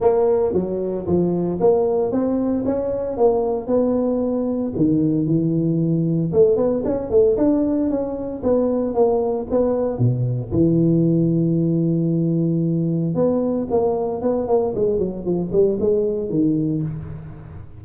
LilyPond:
\new Staff \with { instrumentName = "tuba" } { \time 4/4 \tempo 4 = 114 ais4 fis4 f4 ais4 | c'4 cis'4 ais4 b4~ | b4 dis4 e2 | a8 b8 cis'8 a8 d'4 cis'4 |
b4 ais4 b4 b,4 | e1~ | e4 b4 ais4 b8 ais8 | gis8 fis8 f8 g8 gis4 dis4 | }